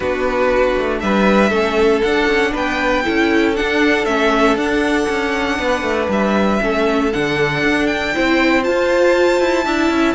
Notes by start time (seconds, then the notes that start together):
0.00 B3 D4 F#4 B4
0.77 A3
1.00 G3 B4 E5
1.50 A3 C#4 A4
2.02 D4 F#5
2.27 C#4
2.52 B3 B4 G5
3.04 C#4 E4 A4
3.55 D4 F#5
4.05 A3 C#4 E5
4.56 D4 F#5
5.08 C#4
5.59 B3 B4
5.82 A3
6.08 G3 E5
6.60 A3 C#4 A4
7.12 D3 D4 F#5
7.63 D4
7.86 G5
8.14 C4 E4 C5
8.62 F4 A5
9.40 E4
9.65 D4 E4 E5
9.90 C#4